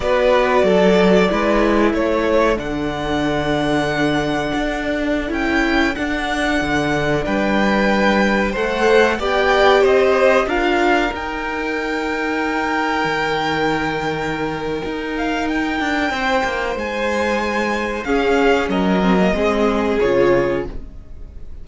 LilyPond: <<
  \new Staff \with { instrumentName = "violin" } { \time 4/4 \tempo 4 = 93 d''2. cis''4 | fis''1~ | fis''16 g''4 fis''2 g''8.~ | g''4~ g''16 fis''4 g''4 dis''8.~ |
dis''16 f''4 g''2~ g''8.~ | g''2.~ g''8 f''8 | g''2 gis''2 | f''4 dis''2 cis''4 | }
  \new Staff \with { instrumentName = "violin" } { \time 4/4 b'4 a'4 b'4 a'4~ | a'1~ | a'2.~ a'16 b'8.~ | b'4~ b'16 c''4 d''4 c''8.~ |
c''16 ais'2.~ ais'8.~ | ais'1~ | ais'4 c''2. | gis'4 ais'4 gis'2 | }
  \new Staff \with { instrumentName = "viola" } { \time 4/4 fis'2 e'2 | d'1~ | d'16 e'4 d'2~ d'8.~ | d'4~ d'16 a'4 g'4.~ g'16~ |
g'16 f'4 dis'2~ dis'8.~ | dis'1~ | dis'1 | cis'4. c'16 ais16 c'4 f'4 | }
  \new Staff \with { instrumentName = "cello" } { \time 4/4 b4 fis4 gis4 a4 | d2. d'4~ | d'16 cis'4 d'4 d4 g8.~ | g4~ g16 a4 b4 c'8.~ |
c'16 d'4 dis'2~ dis'8.~ | dis'16 dis2~ dis8. dis'4~ | dis'8 d'8 c'8 ais8 gis2 | cis'4 fis4 gis4 cis4 | }
>>